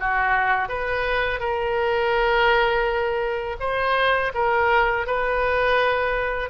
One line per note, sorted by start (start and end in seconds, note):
0.00 0.69 F#4
0.69 1.40 B4
1.40 3.57 A#4
3.60 4.32 C5
4.34 5.07 A#4
5.07 6.50 B4